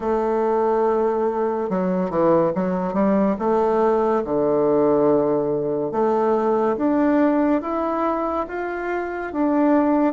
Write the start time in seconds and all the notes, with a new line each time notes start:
0.00 A3
1.69 F#3
2.09 E3
2.54 F#3
2.93 G3
3.38 A3
4.24 D3
5.92 A3
6.76 D4
7.61 E4
8.48 F4
9.32 D4